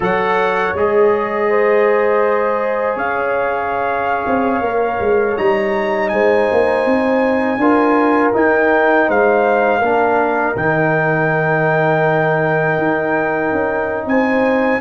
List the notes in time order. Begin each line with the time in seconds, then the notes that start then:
0.00 F#3 A4 C#5 F#5
0.74 G#3 G#4 D#5
1.49 C5
2.95 C#4 C#5 F5
4.26 C4
4.60 A#3 A#4
5.00 G#3
5.37 G3 D#4 A#5
6.08 G#3 C5 G#5
6.51 A#3
6.85 C4
7.57 D4 F4 A#4
8.33 D#4 G5
9.07 G#3 C5 F5
9.78 A#3 D4 A#4
10.56 D#3 D#4 G5
12.77 D#4
13.51 C#4
14.05 C4 C5 G#5